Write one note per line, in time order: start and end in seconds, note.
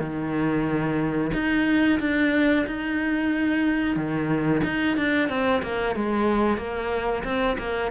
0.00 1.32 D#3
1.34 2.00 D#4
2.00 2.66 D4
2.67 3.97 D#4
3.97 4.62 D#3
4.64 4.97 D#4
4.98 5.30 D4
5.30 5.63 C4
5.63 5.96 A#3
5.96 6.58 G#3
6.58 7.23 A#3
7.24 7.57 C4
7.59 7.92 A#3